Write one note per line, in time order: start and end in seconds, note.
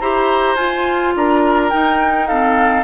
0.00 0.56 E4
0.00 0.58 G4
0.00 1.15 C5
0.00 0.56 A#5
0.56 1.13 F4
0.56 1.72 F4
0.56 1.13 G#5
1.16 1.73 D4
1.16 2.28 A#4
1.16 1.70 A#5
1.70 2.29 D#4
1.70 2.85 D#4
1.70 2.27 G5
2.27 2.85 C4
2.27 2.85 A4
2.27 2.85 F5